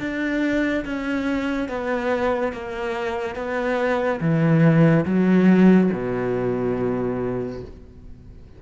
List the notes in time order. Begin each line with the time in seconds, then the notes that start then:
0.00 D4
0.85 C#4
1.69 B3
2.53 A#3
3.35 B3
4.21 E3
5.06 F#3
5.93 B2